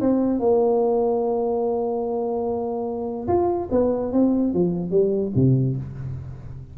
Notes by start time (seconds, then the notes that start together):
0.00 C4
0.39 A#3
3.27 F4
3.71 B3
4.12 C4
4.53 F3
4.90 G3
5.35 C3